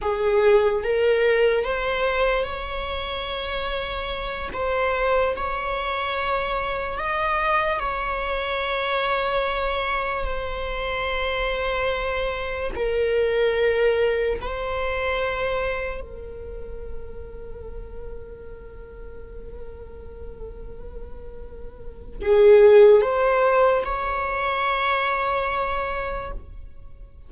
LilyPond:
\new Staff \with { instrumentName = "viola" } { \time 4/4 \tempo 4 = 73 gis'4 ais'4 c''4 cis''4~ | cis''4. c''4 cis''4.~ | cis''8 dis''4 cis''2~ cis''8~ | cis''8 c''2. ais'8~ |
ais'4. c''2 ais'8~ | ais'1~ | ais'2. gis'4 | c''4 cis''2. | }